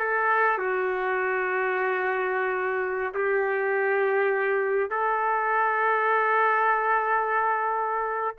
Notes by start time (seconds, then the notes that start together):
0.00 A4
0.59 F#4
3.14 G4
4.91 A4